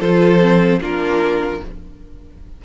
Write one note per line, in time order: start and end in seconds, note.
0.00 0.80 F3
0.00 0.40 F4
0.00 0.80 A4
0.00 0.80 C5
0.40 0.80 C4
0.80 1.60 A#3
0.80 1.61 D4
0.80 1.62 F4
0.80 1.65 A#4